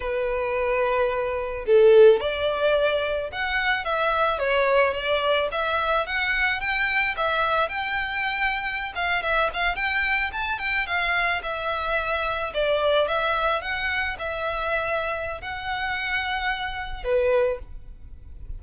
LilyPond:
\new Staff \with { instrumentName = "violin" } { \time 4/4 \tempo 4 = 109 b'2. a'4 | d''2 fis''4 e''4 | cis''4 d''4 e''4 fis''4 | g''4 e''4 g''2~ |
g''16 f''8 e''8 f''8 g''4 a''8 g''8 f''16~ | f''8. e''2 d''4 e''16~ | e''8. fis''4 e''2~ e''16 | fis''2. b'4 | }